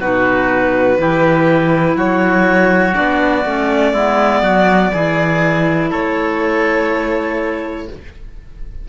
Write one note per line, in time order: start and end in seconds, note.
0.00 0.99 B2
0.00 0.98 D#4
0.00 0.98 F#4
0.00 1.98 B4
0.98 1.96 E3
0.98 2.93 E4
0.98 1.97 G4
1.96 2.94 F#3
1.96 3.93 F#4
1.96 2.95 C#5
2.93 3.45 B3
2.93 3.42 D4
2.93 5.90 D5
3.45 3.94 A3
3.45 3.95 C#4
3.93 4.42 G#3
3.93 4.93 B3
3.93 4.42 E4
4.42 4.91 F#3
4.42 4.92 F#4
4.93 5.92 E3
4.93 7.89 E4
4.93 5.90 G#4
5.90 7.89 A3
5.90 7.87 A4
5.90 7.89 C#5